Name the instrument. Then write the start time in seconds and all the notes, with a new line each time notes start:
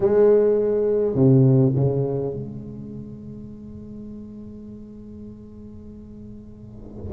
tuba
0.00 G#3
1.14 C3
1.75 C#3
2.33 G#3